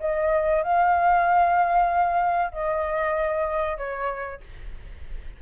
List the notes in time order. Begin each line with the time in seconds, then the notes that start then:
0.00 D#5
0.63 F5
2.52 D#5
3.78 C#5